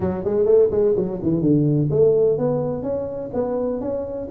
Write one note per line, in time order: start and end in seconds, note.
0.00 0.24 F#3
0.24 0.45 G#3
0.45 0.69 A3
0.71 0.95 G#3
0.96 1.20 F#3
1.22 1.41 E3
1.41 1.88 D3
1.90 2.37 A3
2.38 2.82 B3
2.82 3.30 C#4
3.33 3.80 B3
3.80 4.28 C#4